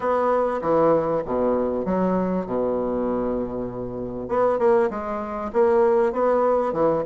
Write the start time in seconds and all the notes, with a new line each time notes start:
0.00 B3
0.61 E3
1.25 B2
1.85 F#3
2.46 B2
4.28 B3
4.58 A#3
4.90 G#3
5.52 A#3
6.12 B3
6.72 E3